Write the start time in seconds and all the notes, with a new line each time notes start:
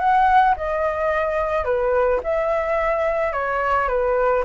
0.00 F#5
0.57 D#5
1.65 B4
2.24 E5
3.33 C#5
3.89 B4